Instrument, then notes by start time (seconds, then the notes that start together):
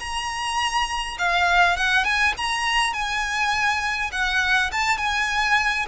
violin
0.00 A#5
1.19 F5
1.77 F#5
2.05 G#5
2.37 A#5
2.94 G#5
4.13 F#5
4.72 A5
4.98 G#5